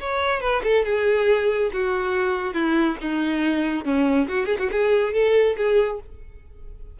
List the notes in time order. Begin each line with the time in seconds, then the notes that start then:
0.00 C#5
0.41 B4
0.63 A4
0.85 G#4
1.73 F#4
2.54 E4
3.01 D#4
3.85 C#4
4.28 F#4
4.46 G#4
4.59 F#4
4.71 G#4
5.13 A4
5.57 G#4